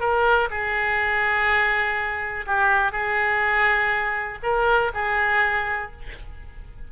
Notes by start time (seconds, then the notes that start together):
0.00 A#4
0.50 G#4
2.46 G4
2.92 G#4
4.43 A#4
4.94 G#4